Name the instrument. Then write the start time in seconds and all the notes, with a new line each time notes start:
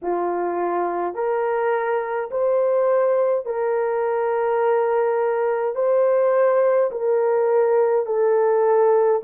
horn
0.02 F4
1.14 A#4
2.30 C5
3.45 A#4
5.75 C5
6.91 A#4
8.06 A4